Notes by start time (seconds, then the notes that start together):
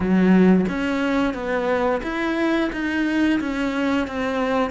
0.00 F#3
0.68 C#4
1.33 B3
2.03 E4
2.72 D#4
3.40 C#4
4.07 C4